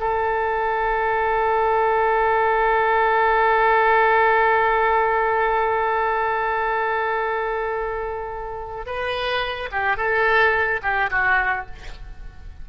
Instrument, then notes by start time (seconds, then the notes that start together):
oboe
0.00 A4
8.86 B4
9.72 G4
9.97 A4
10.83 G4
11.11 F#4